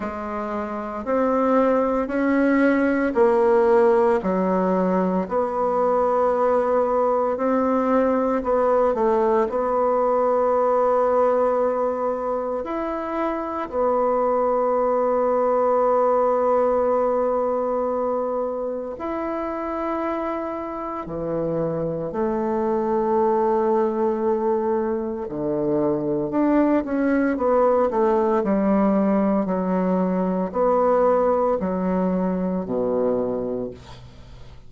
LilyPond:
\new Staff \with { instrumentName = "bassoon" } { \time 4/4 \tempo 4 = 57 gis4 c'4 cis'4 ais4 | fis4 b2 c'4 | b8 a8 b2. | e'4 b2.~ |
b2 e'2 | e4 a2. | d4 d'8 cis'8 b8 a8 g4 | fis4 b4 fis4 b,4 | }